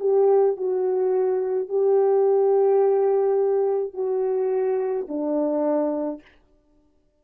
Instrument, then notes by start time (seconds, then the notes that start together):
horn
0.00 G4
0.57 F#4
1.69 G4
3.93 F#4
5.08 D4